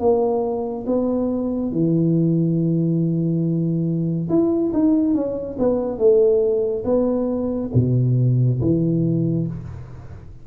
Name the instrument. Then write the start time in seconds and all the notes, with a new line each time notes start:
tuba
0.00 A#3
0.87 B3
1.72 E3
4.29 E4
4.74 D#4
5.15 C#4
5.59 B3
5.99 A3
6.85 B3
7.75 B2
8.61 E3